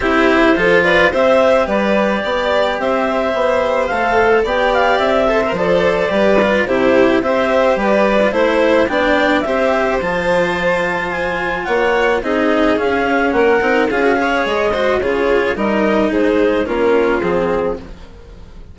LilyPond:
<<
  \new Staff \with { instrumentName = "clarinet" } { \time 4/4 \tempo 4 = 108 c''4. d''8 e''4 d''4~ | d''4 e''2 f''4 | g''8 f''8 e''4 d''2 | c''4 e''4 d''4 c''4 |
g''4 e''4 a''2 | gis''4 fis''4 dis''4 f''4 | fis''4 f''4 dis''4 cis''4 | dis''4 c''4 ais'4 gis'4 | }
  \new Staff \with { instrumentName = "violin" } { \time 4/4 g'4 a'8 b'8 c''4 b'4 | d''4 c''2. | d''4. c''4. b'4 | g'4 c''4 b'4 c''4 |
d''4 c''2.~ | c''4 cis''4 gis'2 | ais'4 gis'8 cis''4 c''8 gis'4 | ais'4 gis'4 f'2 | }
  \new Staff \with { instrumentName = "cello" } { \time 4/4 e'4 f'4 g'2~ | g'2. a'4 | g'4. a'16 ais'16 a'4 g'8 f'8 | e'4 g'4.~ g'16 f'16 e'4 |
d'4 g'4 f'2~ | f'2 dis'4 cis'4~ | cis'8 dis'8 f'16 fis'16 gis'4 fis'8 f'4 | dis'2 cis'4 c'4 | }
  \new Staff \with { instrumentName = "bassoon" } { \time 4/4 c'4 f4 c'4 g4 | b4 c'4 b4 a4 | b4 c'4 f4 g4 | c4 c'4 g4 a4 |
b4 c'4 f2~ | f4 ais4 c'4 cis'4 | ais8 c'8 cis'4 gis4 cis4 | g4 gis4 ais4 f4 | }
>>